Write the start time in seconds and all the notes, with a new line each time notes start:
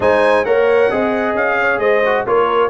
0.00 G#3 D#4 C5 G#5
0.44 A#3 A#4 C#5 F#5
0.90 C4 G#4 D#5
1.34 C#4 F5
1.60 C#5
1.78 G#3 C5 D#5
2.05 F#4
2.26 A#3 F4 A#4 C#5